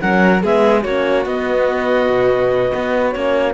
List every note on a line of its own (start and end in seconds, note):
0.00 0.44 F#3
0.00 0.42 C#4
0.00 0.42 A#4
0.00 0.43 F#5
0.42 0.85 G#3
0.42 0.85 B3
0.42 0.83 G#4
0.42 0.83 E5
0.83 1.26 A#3
0.83 1.26 C#4
0.83 3.53 F#4
0.83 1.25 C#5
1.26 2.09 B3
1.26 3.13 B3
1.26 3.11 D#5
2.09 2.72 B2
2.74 3.15 B3
3.11 3.54 A#3
3.11 3.54 C#4
3.11 3.53 C#5